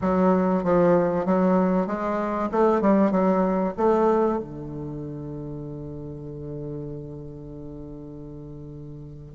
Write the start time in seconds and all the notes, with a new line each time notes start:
0.01 F#3
0.63 F3
1.25 F#3
1.86 G#3
2.51 A3
2.81 G3
3.11 F#3
3.77 A3
4.38 D3